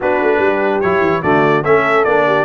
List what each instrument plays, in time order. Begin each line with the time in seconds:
0.00 tuba B3, trombone D4, horn F#4, trumpet B4
0.21 tuba A3
0.38 tuba G3, horn G4
0.80 tuba F#3, trombone E4, trumpet C#5
1.01 tuba E3
1.22 tuba D3, trombone A3, horn F#4, trumpet D5
1.63 tuba A3, trombone C#4, horn A4, trumpet E5
2.04 tuba A#3, trombone D4, trumpet D5
2.26 horn G4